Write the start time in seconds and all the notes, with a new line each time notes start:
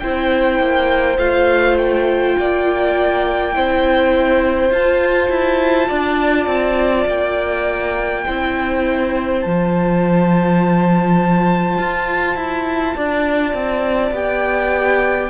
0.00 C4 E4 C5 G5
0.59 A#3
1.18 A3 F4 F5
1.78 G5
2.39 A#3 D5
3.53 C4 E4 C5
4.70 F4 A5
5.30 E4
5.89 D4 D5
6.47 C4
7.07 A#3 G5
8.26 C4 E4 C5
9.42 F3 F4 A5
11.78 F4
12.36 E4
12.96 D4 D5
13.54 C4
14.12 B3 G4 G5